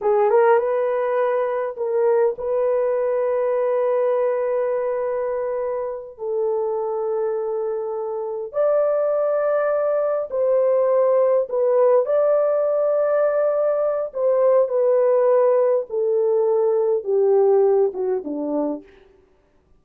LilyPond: \new Staff \with { instrumentName = "horn" } { \time 4/4 \tempo 4 = 102 gis'8 ais'8 b'2 ais'4 | b'1~ | b'2~ b'8 a'4.~ | a'2~ a'8 d''4.~ |
d''4. c''2 b'8~ | b'8 d''2.~ d''8 | c''4 b'2 a'4~ | a'4 g'4. fis'8 d'4 | }